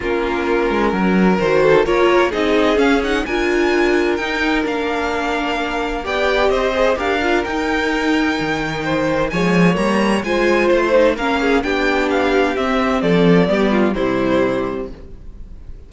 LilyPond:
<<
  \new Staff \with { instrumentName = "violin" } { \time 4/4 \tempo 4 = 129 ais'2. c''4 | cis''4 dis''4 f''8 fis''8 gis''4~ | gis''4 g''4 f''2~ | f''4 g''4 dis''4 f''4 |
g''1 | gis''4 ais''4 gis''4 c''4 | f''4 g''4 f''4 e''4 | d''2 c''2 | }
  \new Staff \with { instrumentName = "violin" } { \time 4/4 f'2 ais'4. a'8 | ais'4 gis'2 ais'4~ | ais'1~ | ais'4 d''4 c''4 ais'4~ |
ais'2. c''4 | cis''2 c''2 | ais'8 gis'8 g'2. | a'4 g'8 f'8 e'2 | }
  \new Staff \with { instrumentName = "viola" } { \time 4/4 cis'2. fis'4 | f'4 dis'4 cis'8 dis'8 f'4~ | f'4 dis'4 d'2~ | d'4 g'4. gis'8 g'8 f'8 |
dis'1 | gis4 ais4 f'4. dis'8 | cis'4 d'2 c'4~ | c'4 b4 g2 | }
  \new Staff \with { instrumentName = "cello" } { \time 4/4 ais4. gis8 fis4 dis4 | ais4 c'4 cis'4 d'4~ | d'4 dis'4 ais2~ | ais4 b4 c'4 d'4 |
dis'2 dis2 | f4 g4 gis4 a4 | ais4 b2 c'4 | f4 g4 c2 | }
>>